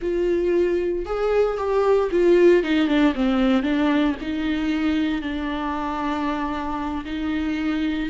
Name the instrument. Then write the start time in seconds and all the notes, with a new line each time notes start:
viola
0.02 F4
1.05 G#4
1.57 G4
2.11 F4
2.63 D#4
2.87 D4
3.14 C4
3.63 D4
4.21 D#4
5.21 D4
7.05 D#4